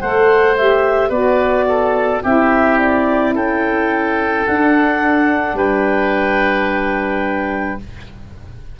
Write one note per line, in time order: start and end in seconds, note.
0.00 1.10 A3
0.00 0.56 A4
0.00 1.09 C5
0.00 0.56 F#5
0.56 1.12 G4
0.56 1.10 E5
1.09 2.21 B3
1.09 2.23 F#4
1.09 1.64 B4
1.09 2.21 D5
1.68 2.23 A4
2.23 3.34 C4
2.23 4.46 E4
2.23 3.34 G4
2.23 2.78 E5
2.78 3.34 D5
3.34 4.45 C#4
3.34 5.56 A4
3.34 4.46 G5
4.46 7.79 D4
4.46 5.53 D4
4.46 5.56 F#5
5.53 7.76 G3
5.53 7.79 B4
5.53 7.79 G5